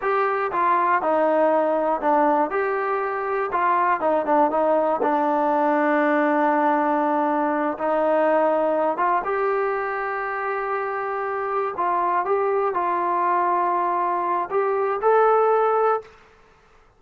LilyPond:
\new Staff \with { instrumentName = "trombone" } { \time 4/4 \tempo 4 = 120 g'4 f'4 dis'2 | d'4 g'2 f'4 | dis'8 d'8 dis'4 d'2~ | d'2.~ d'8 dis'8~ |
dis'2 f'8 g'4.~ | g'2.~ g'8 f'8~ | f'8 g'4 f'2~ f'8~ | f'4 g'4 a'2 | }